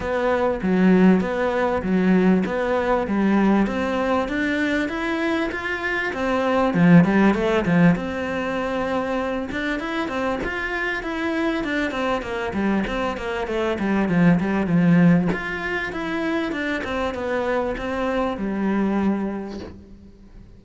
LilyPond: \new Staff \with { instrumentName = "cello" } { \time 4/4 \tempo 4 = 98 b4 fis4 b4 fis4 | b4 g4 c'4 d'4 | e'4 f'4 c'4 f8 g8 | a8 f8 c'2~ c'8 d'8 |
e'8 c'8 f'4 e'4 d'8 c'8 | ais8 g8 c'8 ais8 a8 g8 f8 g8 | f4 f'4 e'4 d'8 c'8 | b4 c'4 g2 | }